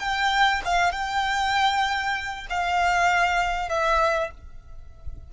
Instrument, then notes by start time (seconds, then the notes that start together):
violin
0.00 G5
0.66 F5
0.93 G5
2.51 F5
3.69 E5